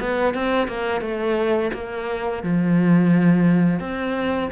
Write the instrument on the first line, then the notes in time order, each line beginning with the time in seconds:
cello
0.00 B3
0.34 C4
0.68 A#3
1.01 A3
1.73 A#3
2.43 F3
3.80 C4